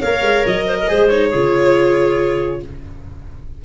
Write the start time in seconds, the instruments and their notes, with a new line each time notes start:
0.00 tuba A#3, viola A#4, clarinet C#5, violin F5
0.22 tuba G#3
0.46 tuba F#3, violin D#5
0.66 clarinet C5
0.79 clarinet A#4
0.88 tuba G#3, viola G#4, clarinet C5
1.09 viola D#4, violin C#5
1.29 tuba C#3, viola F4, clarinet G#4